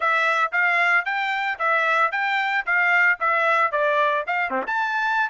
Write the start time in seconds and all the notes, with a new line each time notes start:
0.00 E5
0.52 F5
1.05 G5
1.58 E5
2.11 G5
2.65 F5
3.20 E5
3.71 D5
4.26 F5
4.50 C4
4.66 A5